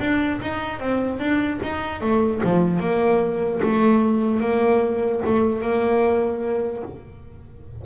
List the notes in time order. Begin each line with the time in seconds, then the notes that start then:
0.00 D4
0.42 D#4
0.80 C4
1.20 D4
1.63 D#4
2.01 A3
2.44 F3
2.80 A#3
3.63 A3
4.41 A#3
5.26 A3
5.62 A#3